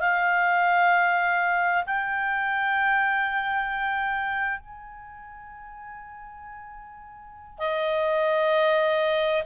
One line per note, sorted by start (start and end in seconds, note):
0.00 1.85 F5
1.87 4.60 G5
4.60 7.59 G#5
7.59 9.44 D#5